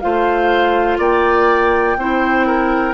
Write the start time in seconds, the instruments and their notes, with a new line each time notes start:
0.00 bassoon A3, clarinet F4, oboe C5, flute F5
0.98 bassoon A#3, oboe D5, flute G5
1.97 bassoon C4, clarinet E4, oboe C5
2.47 oboe A#4